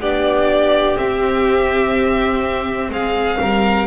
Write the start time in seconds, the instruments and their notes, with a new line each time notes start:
0.00 double bass B3, viola D4, violin G4 D5
0.97 viola C4, double bass C4, violin E5
2.90 double bass G#3, violin G#4 F5
3.41 double bass G3, violin A#4